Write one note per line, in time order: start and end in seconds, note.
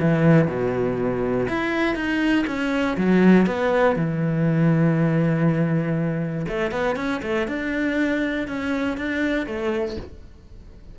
0.00 0.48 E3
0.48 1.48 B2
1.49 1.95 E4
1.95 2.45 D#4
2.47 2.97 C#4
2.97 3.47 F#3
3.47 3.96 B3
3.96 6.46 E3
6.48 6.71 A3
6.71 6.96 B3
6.96 7.21 C#4
7.23 7.48 A3
7.48 8.48 D4
8.48 8.97 C#4
8.97 9.47 D4
9.47 9.97 A3